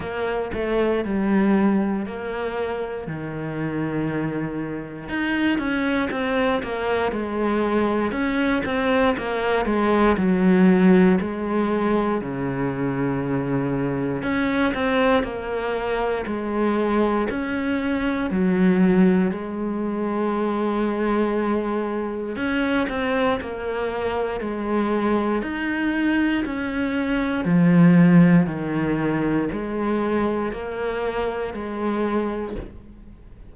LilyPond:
\new Staff \with { instrumentName = "cello" } { \time 4/4 \tempo 4 = 59 ais8 a8 g4 ais4 dis4~ | dis4 dis'8 cis'8 c'8 ais8 gis4 | cis'8 c'8 ais8 gis8 fis4 gis4 | cis2 cis'8 c'8 ais4 |
gis4 cis'4 fis4 gis4~ | gis2 cis'8 c'8 ais4 | gis4 dis'4 cis'4 f4 | dis4 gis4 ais4 gis4 | }